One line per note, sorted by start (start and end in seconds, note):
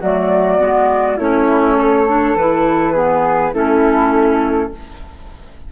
0.00 0.60 F#3
0.00 0.58 A3
0.00 1.17 F#4
0.00 1.19 D5
0.58 1.18 G#3
0.58 1.17 B3
1.17 2.35 A3
1.17 2.07 C#4
1.17 1.76 E4
1.17 2.36 C#5
1.77 2.93 A4
2.07 2.37 D4
2.35 3.53 E3
2.35 2.94 E4
2.35 3.54 B4
2.93 3.53 B3
2.93 3.52 G#4
3.53 4.71 A3
3.53 4.71 C#4
3.53 4.71 E4
3.53 4.72 A4